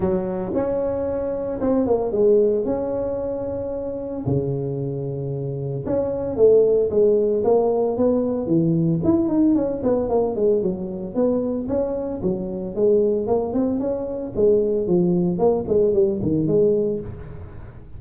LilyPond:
\new Staff \with { instrumentName = "tuba" } { \time 4/4 \tempo 4 = 113 fis4 cis'2 c'8 ais8 | gis4 cis'2. | cis2. cis'4 | a4 gis4 ais4 b4 |
e4 e'8 dis'8 cis'8 b8 ais8 gis8 | fis4 b4 cis'4 fis4 | gis4 ais8 c'8 cis'4 gis4 | f4 ais8 gis8 g8 dis8 gis4 | }